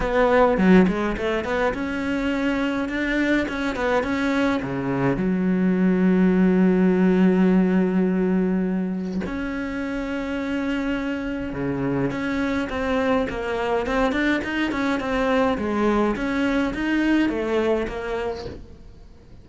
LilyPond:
\new Staff \with { instrumentName = "cello" } { \time 4/4 \tempo 4 = 104 b4 fis8 gis8 a8 b8 cis'4~ | cis'4 d'4 cis'8 b8 cis'4 | cis4 fis2.~ | fis1 |
cis'1 | cis4 cis'4 c'4 ais4 | c'8 d'8 dis'8 cis'8 c'4 gis4 | cis'4 dis'4 a4 ais4 | }